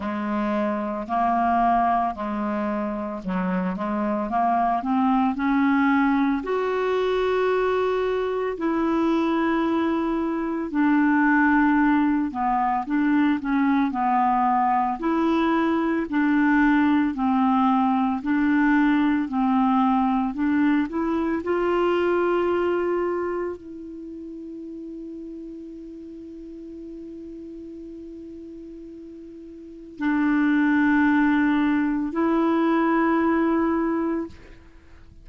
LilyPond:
\new Staff \with { instrumentName = "clarinet" } { \time 4/4 \tempo 4 = 56 gis4 ais4 gis4 fis8 gis8 | ais8 c'8 cis'4 fis'2 | e'2 d'4. b8 | d'8 cis'8 b4 e'4 d'4 |
c'4 d'4 c'4 d'8 e'8 | f'2 e'2~ | e'1 | d'2 e'2 | }